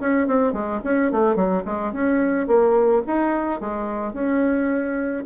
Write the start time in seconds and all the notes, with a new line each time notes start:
0.00 C#4
0.27 C4
0.53 G#3
0.84 C#4
1.11 A3
1.35 F#3
1.65 G#3
1.93 C#4
2.47 A#3
3.07 D#4
3.60 G#3
4.13 C#4